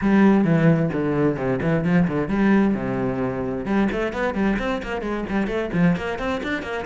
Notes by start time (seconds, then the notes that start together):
0.01 G3
0.44 E3
0.92 D3
1.36 C3
1.62 E3
1.84 F3
2.07 D3
2.28 G3
2.74 C3
3.65 G3
3.92 A3
4.12 B3
4.34 G3
4.59 C4
4.82 A#3
5.01 G#3
5.29 G3
5.47 A3
5.73 F3
5.96 A#3
6.18 C4
6.43 D4
6.62 A#3